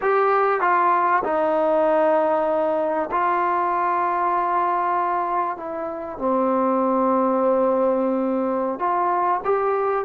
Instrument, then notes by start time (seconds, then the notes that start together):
trombone
0.01 G4
0.60 F4
1.23 D#4
3.11 F4
5.57 E4
6.18 C4
8.79 F4
9.44 G4